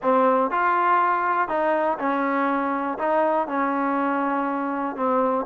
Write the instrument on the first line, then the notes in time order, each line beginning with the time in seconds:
trombone
0.02 C4
0.50 F4
1.48 D#4
1.98 C#4
2.98 D#4
3.47 C#4
4.96 C4